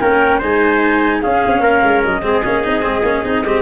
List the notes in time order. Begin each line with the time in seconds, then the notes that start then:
0.00 A#3 C#4 A#4 G5
0.38 G#3 D#4 C5 G#5
1.21 C#4 G#4 F5
1.46 C4
1.60 A#3 A#4
1.83 G#3
2.04 F#3 D#5
2.22 G#3 C4 G#4
2.44 A#3 C#4
2.63 C4 D#4
2.82 G#3 C4
3.02 A#3 C#4
3.24 C4 D#4
3.44 G#3 C4 G4